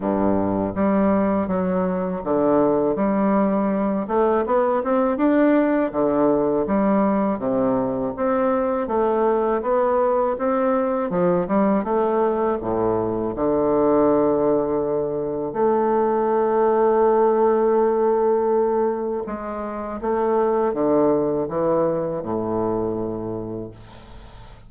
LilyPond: \new Staff \with { instrumentName = "bassoon" } { \time 4/4 \tempo 4 = 81 g,4 g4 fis4 d4 | g4. a8 b8 c'8 d'4 | d4 g4 c4 c'4 | a4 b4 c'4 f8 g8 |
a4 a,4 d2~ | d4 a2.~ | a2 gis4 a4 | d4 e4 a,2 | }